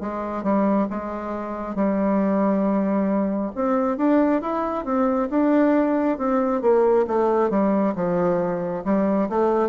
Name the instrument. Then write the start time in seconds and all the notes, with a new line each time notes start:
bassoon
0.00 G#3
0.43 G3
0.90 G#3
1.75 G3
3.55 C4
3.97 D4
4.42 E4
4.84 C4
5.30 D4
6.18 C4
6.61 A#3
7.07 A3
7.50 G3
7.95 F3
8.84 G3
9.29 A3